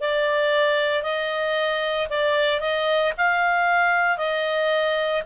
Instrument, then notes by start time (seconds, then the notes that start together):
clarinet
0.00 D5
1.02 D#5
2.10 D5
2.60 D#5
3.17 F5
4.17 D#5